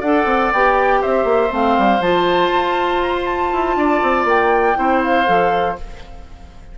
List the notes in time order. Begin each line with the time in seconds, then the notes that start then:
0.00 D4 A4 D5 F#5
0.25 C4
0.52 B3 G4 G5
1.01 C4 C5 E5
1.24 A#3
1.49 A3 C4 F5
1.78 G3
2.00 F3 F4 A5
2.53 F4
3.02 A#5
3.15 C6
3.25 A5
3.52 E4
3.76 D4 D5
4.02 C4
4.24 A#3 G5
4.75 C4 E4 C5
5.03 F5
5.26 F3 A4